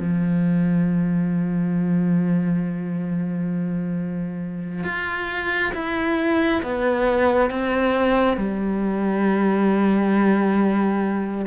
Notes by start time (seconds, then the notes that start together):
0.00 F3
4.84 F4
5.74 E4
6.63 B3
7.50 C4
8.37 G3